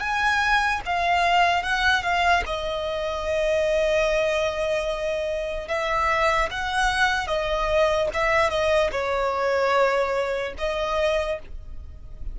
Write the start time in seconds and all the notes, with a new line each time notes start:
0.00 G#5
0.86 F5
1.63 F#5
2.03 F5
2.46 D#5
5.68 E5
6.51 F#5
7.28 D#5
8.14 E5
8.50 D#5
8.92 C#5
10.58 D#5